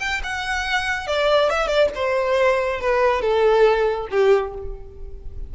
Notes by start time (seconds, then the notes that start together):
0.00 G5
0.24 F#5
1.07 D5
1.50 E5
1.68 D5
1.95 C5
2.81 B4
3.22 A4
4.11 G4